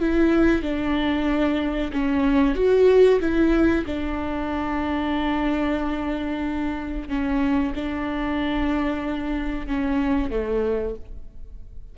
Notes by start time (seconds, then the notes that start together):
0.00 E4
0.62 D4
1.93 C#4
2.55 F#4
3.21 E4
3.86 D4
7.09 C#4
7.75 D4
9.67 C#4
10.30 A3